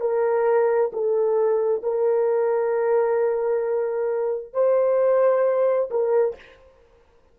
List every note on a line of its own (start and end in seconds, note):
0.00 0.91 A#4
0.93 1.82 A4
1.82 4.53 A#4
4.53 5.89 C5
5.90 6.35 A#4